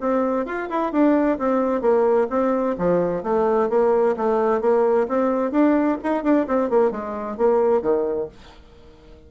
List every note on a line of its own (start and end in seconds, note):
0.00 0.46 C4
0.46 0.69 F4
0.69 0.92 E4
0.92 1.38 D4
1.38 1.81 C4
1.81 2.28 A#3
2.30 2.76 C4
2.78 3.23 F3
3.23 3.69 A3
3.69 4.16 A#3
4.17 4.61 A3
4.61 5.07 A#3
5.08 5.52 C4
5.52 5.98 D4
6.03 6.23 D#4
6.23 6.47 D4
6.47 6.70 C4
6.70 6.91 A#3
6.91 7.37 G#3
7.38 7.82 A#3
7.82 8.28 D#3